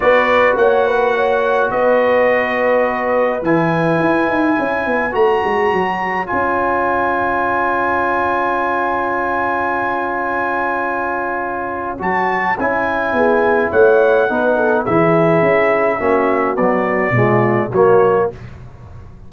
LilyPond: <<
  \new Staff \with { instrumentName = "trumpet" } { \time 4/4 \tempo 4 = 105 d''4 fis''2 dis''4~ | dis''2 gis''2~ | gis''4 ais''2 gis''4~ | gis''1~ |
gis''1~ | gis''4 a''4 gis''2 | fis''2 e''2~ | e''4 d''2 cis''4 | }
  \new Staff \with { instrumentName = "horn" } { \time 4/4 b'4 cis''8 b'8 cis''4 b'4~ | b'1 | cis''1~ | cis''1~ |
cis''1~ | cis''2. gis'4 | cis''4 b'8 a'8 gis'2 | fis'2 f'4 fis'4 | }
  \new Staff \with { instrumentName = "trombone" } { \time 4/4 fis'1~ | fis'2 e'2~ | e'4 fis'2 f'4~ | f'1~ |
f'1~ | f'4 fis'4 e'2~ | e'4 dis'4 e'2 | cis'4 fis4 gis4 ais4 | }
  \new Staff \with { instrumentName = "tuba" } { \time 4/4 b4 ais2 b4~ | b2 e4 e'8 dis'8 | cis'8 b8 a8 gis8 fis4 cis'4~ | cis'1~ |
cis'1~ | cis'4 fis4 cis'4 b4 | a4 b4 e4 cis'4 | ais4 b4 b,4 fis4 | }
>>